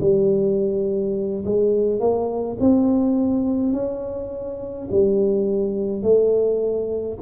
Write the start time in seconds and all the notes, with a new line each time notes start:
0.00 G3
1.44 G#3
1.99 A#3
2.60 C4
3.72 C#4
4.91 G3
6.02 A3